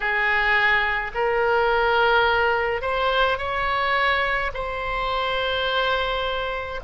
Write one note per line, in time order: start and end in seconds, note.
0.00 1.11 G#4
1.14 2.81 A#4
2.81 3.38 C5
3.38 4.51 C#5
4.53 6.80 C5